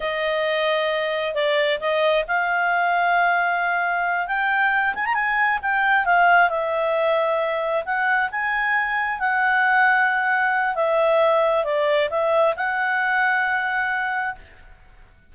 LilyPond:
\new Staff \with { instrumentName = "clarinet" } { \time 4/4 \tempo 4 = 134 dis''2. d''4 | dis''4 f''2.~ | f''4. g''4. gis''16 ais''16 gis''8~ | gis''8 g''4 f''4 e''4.~ |
e''4. fis''4 gis''4.~ | gis''8 fis''2.~ fis''8 | e''2 d''4 e''4 | fis''1 | }